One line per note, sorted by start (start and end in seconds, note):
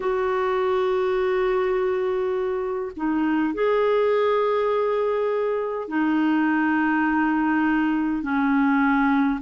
0.00 2.91 F#4
2.96 3.53 D#4
3.53 5.88 G#4
5.88 8.22 D#4
8.22 9.40 C#4